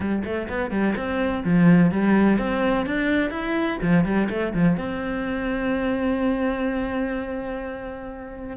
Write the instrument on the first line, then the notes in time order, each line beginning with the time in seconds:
cello
0.00 G3
0.24 A3
0.48 B3
0.71 G3
0.96 C4
1.44 F3
1.91 G3
2.38 C4
2.85 D4
3.30 E4
3.82 F3
4.04 G3
4.29 A3
4.54 F3
4.77 C4